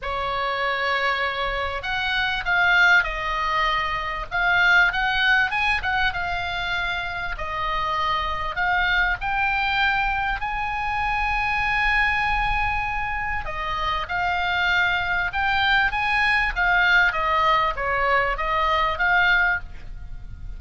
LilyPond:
\new Staff \with { instrumentName = "oboe" } { \time 4/4 \tempo 4 = 98 cis''2. fis''4 | f''4 dis''2 f''4 | fis''4 gis''8 fis''8 f''2 | dis''2 f''4 g''4~ |
g''4 gis''2.~ | gis''2 dis''4 f''4~ | f''4 g''4 gis''4 f''4 | dis''4 cis''4 dis''4 f''4 | }